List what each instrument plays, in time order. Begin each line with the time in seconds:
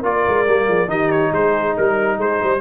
0.00 tuba A#3, trombone F4, horn A#4, trumpet D5
0.28 tuba G#3
0.47 tuba G3, trombone A#3
0.67 tuba F3, horn G#4
0.87 tuba D#3, trombone D#4, horn G4, trumpet D#5
1.11 trumpet C#5
1.32 tuba G#3, horn G#4, trumpet C5
1.76 tuba G3, horn A#4, trumpet A#4
2.18 tuba G#3, horn G#4, trumpet C5
2.39 tuba G3, horn C5